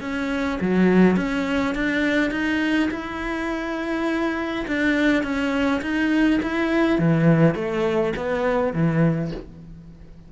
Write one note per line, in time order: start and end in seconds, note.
0.00 0.58 C#4
0.60 1.16 F#3
1.16 1.74 C#4
1.74 2.30 D4
2.30 2.89 D#4
2.90 4.65 E4
4.67 5.23 D4
5.23 5.81 C#4
5.81 6.39 D#4
6.42 6.98 E4
6.98 7.54 E3
7.54 8.13 A3
8.16 8.72 B3
8.72 9.31 E3